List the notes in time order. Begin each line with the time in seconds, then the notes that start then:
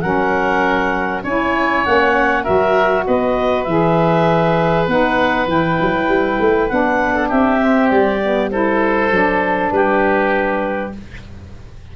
0.00 F#3 C#4 A#4 F#5
1.23 C#4 E4 C#5 G#5
1.84 A#3 C#4 F#5
2.43 F#3 F#4 A#4 E5
3.06 B3 B4 D#5
3.63 E3 G#4 E5
4.87 B3 D#4 F#5
5.47 E3 E4 G5
5.81 F#3
6.08 G3
6.40 A3
6.68 B3 D4 F#5
7.14 A4
7.28 C4 G4 E5
7.58 C4
7.89 G3 D5
8.22 B3
8.50 E4 A4 C5
9.10 F#3 D4
9.70 G3 G4 B4